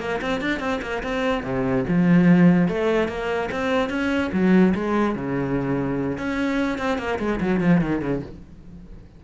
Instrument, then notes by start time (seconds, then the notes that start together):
cello
0.00 A#3
0.22 C4
0.41 D4
0.60 C4
0.82 A#3
1.03 C4
1.44 C3
1.88 F3
2.69 A3
3.08 A#3
3.52 C4
3.90 C#4
4.33 F#3
4.75 G#3
5.16 C#3
6.18 C#4
6.78 C4
6.98 A#3
7.19 G#3
7.41 F#3
7.61 F3
7.81 D#3
8.02 C#3